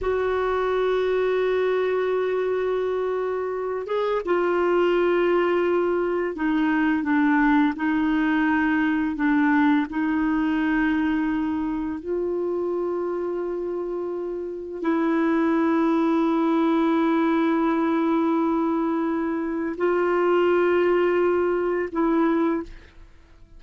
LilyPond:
\new Staff \with { instrumentName = "clarinet" } { \time 4/4 \tempo 4 = 85 fis'1~ | fis'4. gis'8 f'2~ | f'4 dis'4 d'4 dis'4~ | dis'4 d'4 dis'2~ |
dis'4 f'2.~ | f'4 e'2.~ | e'1 | f'2. e'4 | }